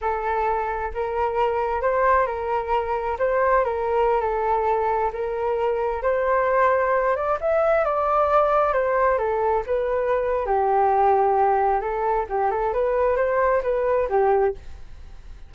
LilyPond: \new Staff \with { instrumentName = "flute" } { \time 4/4 \tempo 4 = 132 a'2 ais'2 | c''4 ais'2 c''4 | ais'4~ ais'16 a'2 ais'8.~ | ais'4~ ais'16 c''2~ c''8 d''16~ |
d''16 e''4 d''2 c''8.~ | c''16 a'4 b'4.~ b'16 g'4~ | g'2 a'4 g'8 a'8 | b'4 c''4 b'4 g'4 | }